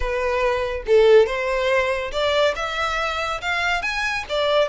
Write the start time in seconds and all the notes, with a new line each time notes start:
0.00 B4
0.86 A4
1.26 C5
2.11 D5
2.55 E5
3.41 F5
3.82 G#5
4.29 D5